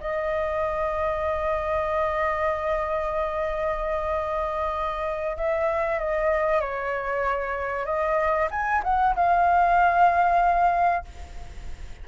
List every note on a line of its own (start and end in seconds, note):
0.00 5.36 D#5
5.36 5.99 E5
5.99 6.60 D#5
6.60 7.85 C#5
7.85 8.48 D#5
8.50 8.82 G#5
8.83 9.15 F#5
9.15 11.04 F5